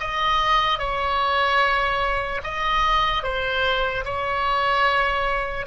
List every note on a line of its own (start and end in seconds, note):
0.00 0.79 D#5
0.79 2.41 C#5
2.44 3.23 D#5
3.23 4.04 C5
4.05 5.66 C#5